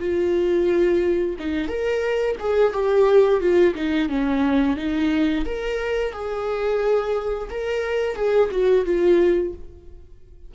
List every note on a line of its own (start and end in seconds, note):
0.00 1.36 F4
1.39 1.68 D#4
1.68 2.36 A#4
2.40 2.73 G#4
2.73 3.41 G4
3.41 3.75 F4
3.75 4.09 D#4
4.09 4.77 C#4
4.77 5.45 D#4
5.45 6.13 A#4
6.13 7.49 G#4
7.50 8.16 A#4
8.16 8.50 G#4
8.52 8.86 F#4
8.86 9.54 F4